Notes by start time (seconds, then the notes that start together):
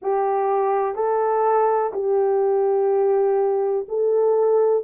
0.02 G4
0.95 A4
1.93 G4
3.88 A4